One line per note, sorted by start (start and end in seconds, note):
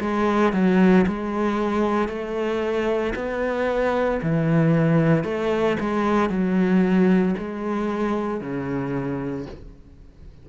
0.00 0.53 G#3
0.53 1.05 F#3
1.07 2.08 G#3
2.08 3.13 A3
3.15 4.20 B3
4.22 5.23 E3
5.23 5.76 A3
5.79 6.29 G#3
6.29 7.34 F#3
7.38 8.41 G#3
8.41 9.46 C#3